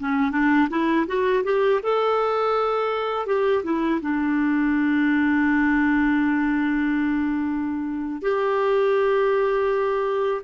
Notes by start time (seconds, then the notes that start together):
0.00 C#4
0.31 D4
0.70 E4
1.07 F#4
1.44 G4
1.83 A4
3.27 G4
3.64 E4
4.01 D4
8.22 G4